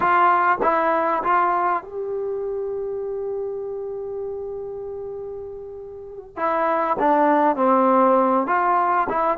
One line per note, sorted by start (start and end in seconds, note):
0.00 0.58 F4
0.62 1.23 E4
1.23 1.83 F4
1.83 6.36 G4
6.36 6.97 E4
6.99 7.56 D4
7.56 8.47 C4
8.47 9.07 F4
9.09 9.37 E4